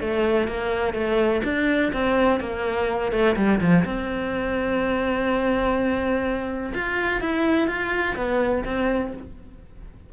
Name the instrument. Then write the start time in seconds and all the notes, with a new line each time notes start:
cello
0.00 A3
0.47 A#3
0.93 A3
1.44 D4
1.92 C4
2.40 A#3
3.11 A3
3.36 G3
3.60 F3
3.84 C4
6.73 F4
7.20 E4
7.67 F4
8.16 B3
8.64 C4